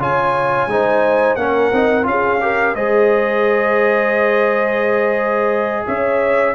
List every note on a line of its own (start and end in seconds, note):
0.00 0.67 C#3
0.00 0.69 F4
0.00 0.70 C#5
0.00 1.36 G#5
0.67 1.36 G#3
0.67 1.39 D#4
0.67 1.39 C5
1.36 1.71 A#3
1.36 1.73 C#4
1.36 2.08 A#4
1.36 2.05 F#5
1.73 2.06 C4
1.73 2.04 D#4
2.04 2.75 C#4
2.04 2.38 F4
2.04 2.76 F5
2.10 2.43 G#4
2.41 2.76 G4
2.41 2.75 A#4
2.75 5.85 G#3
2.75 6.55 G#4
2.75 5.86 C5
2.75 5.86 D#5
5.87 6.55 C#4
5.87 6.55 C#5
5.87 6.55 E5